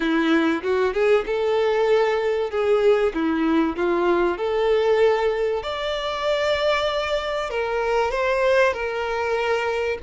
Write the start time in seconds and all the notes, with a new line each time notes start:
0.00 E4
0.62 F#4
0.93 G#4
1.26 A4
2.50 G#4
3.13 E4
3.76 F4
4.37 A4
5.62 D5
7.50 A#4
8.11 C5
8.73 A#4